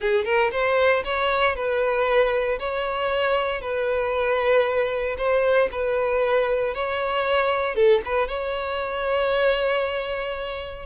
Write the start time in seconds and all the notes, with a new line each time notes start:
0.00 G#4
0.24 A#4
0.51 C5
1.04 C#5
1.55 B4
2.59 C#5
3.61 B4
5.17 C5
5.71 B4
6.74 C#5
7.75 A4
8.05 B4
8.28 C#5